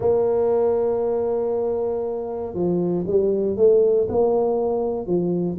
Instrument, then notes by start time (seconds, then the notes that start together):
tuba
0.00 A#3
2.54 F3
3.06 G3
3.56 A3
4.09 A#3
5.06 F3